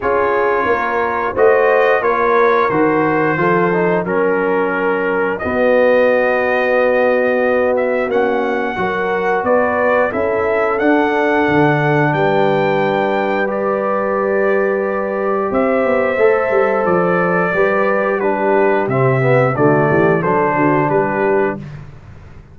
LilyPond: <<
  \new Staff \with { instrumentName = "trumpet" } { \time 4/4 \tempo 4 = 89 cis''2 dis''4 cis''4 | c''2 ais'2 | dis''2.~ dis''8 e''8 | fis''2 d''4 e''4 |
fis''2 g''2 | d''2. e''4~ | e''4 d''2 b'4 | e''4 d''4 c''4 b'4 | }
  \new Staff \with { instrumentName = "horn" } { \time 4/4 gis'4 ais'4 c''4 ais'4~ | ais'4 a'4 ais'2 | fis'1~ | fis'4 ais'4 b'4 a'4~ |
a'2 b'2~ | b'2. c''4~ | c''2 b'4 g'4~ | g'4 fis'8 g'8 a'8 fis'8 g'4 | }
  \new Staff \with { instrumentName = "trombone" } { \time 4/4 f'2 fis'4 f'4 | fis'4 f'8 dis'8 cis'2 | b1 | cis'4 fis'2 e'4 |
d'1 | g'1 | a'2 g'4 d'4 | c'8 b8 a4 d'2 | }
  \new Staff \with { instrumentName = "tuba" } { \time 4/4 cis'4 ais4 a4 ais4 | dis4 f4 fis2 | b1 | ais4 fis4 b4 cis'4 |
d'4 d4 g2~ | g2. c'8 b8 | a8 g8 f4 g2 | c4 d8 e8 fis8 d8 g4 | }
>>